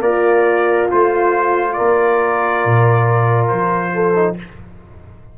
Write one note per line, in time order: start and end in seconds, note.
0.00 0.87 A#3
0.00 1.76 F4
0.00 0.89 A#4
0.00 0.89 D5
0.91 1.79 A3
0.91 4.15 F4
0.91 1.74 C5
1.74 3.94 A#4
1.74 3.47 D5
1.80 2.65 A#3
2.65 3.51 A#2
3.49 4.38 F3
3.49 4.36 C5
3.94 4.38 A4
4.15 4.36 D#4